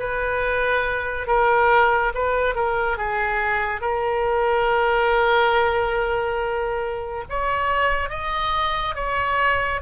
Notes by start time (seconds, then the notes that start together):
0.00 B4
1.27 A#4
2.15 B4
2.56 A#4
2.98 G#4
3.82 A#4
7.30 C#5
8.10 D#5
8.96 C#5